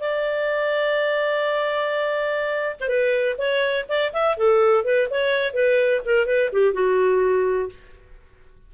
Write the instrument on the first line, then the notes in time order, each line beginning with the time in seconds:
clarinet
0.00 D5
2.80 C5
2.88 B4
3.38 C#5
3.89 D5
4.13 E5
4.37 A4
4.84 B4
5.10 C#5
5.53 B4
6.05 A#4
6.26 B4
6.52 G4
6.73 F#4